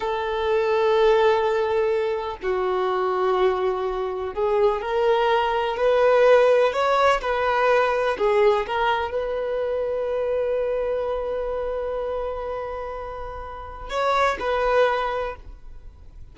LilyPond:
\new Staff \with { instrumentName = "violin" } { \time 4/4 \tempo 4 = 125 a'1~ | a'4 fis'2.~ | fis'4 gis'4 ais'2 | b'2 cis''4 b'4~ |
b'4 gis'4 ais'4 b'4~ | b'1~ | b'1~ | b'4 cis''4 b'2 | }